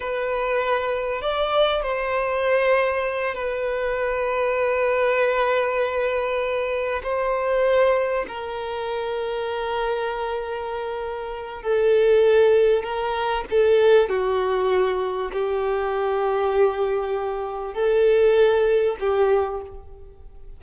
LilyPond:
\new Staff \with { instrumentName = "violin" } { \time 4/4 \tempo 4 = 98 b'2 d''4 c''4~ | c''4. b'2~ b'8~ | b'2.~ b'8 c''8~ | c''4. ais'2~ ais'8~ |
ais'2. a'4~ | a'4 ais'4 a'4 fis'4~ | fis'4 g'2.~ | g'4 a'2 g'4 | }